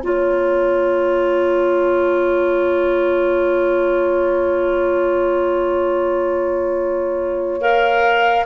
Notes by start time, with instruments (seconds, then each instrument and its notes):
0.00 bassoon A#3, clarinet F4, horn C#5, flute A#5
7.60 clarinet A#4, flute F5